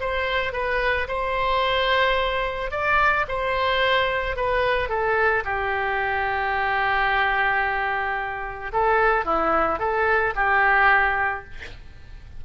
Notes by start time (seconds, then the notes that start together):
0.00 C5
0.53 B4
1.08 C5
2.71 D5
3.28 C5
4.36 B4
4.89 A4
5.44 G4
8.72 A4
9.25 E4
9.79 A4
10.35 G4